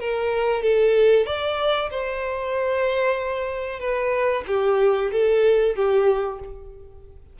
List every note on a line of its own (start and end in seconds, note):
0.00 0.63 A#4
0.63 1.26 A4
1.26 1.90 D5
1.91 3.80 C5
3.80 4.44 B4
4.47 5.11 G4
5.12 5.76 A4
5.76 6.40 G4